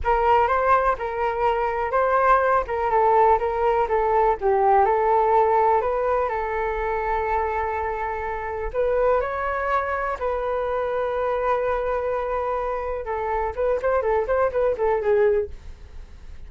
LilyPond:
\new Staff \with { instrumentName = "flute" } { \time 4/4 \tempo 4 = 124 ais'4 c''4 ais'2 | c''4. ais'8 a'4 ais'4 | a'4 g'4 a'2 | b'4 a'2.~ |
a'2 b'4 cis''4~ | cis''4 b'2.~ | b'2. a'4 | b'8 c''8 a'8 c''8 b'8 a'8 gis'4 | }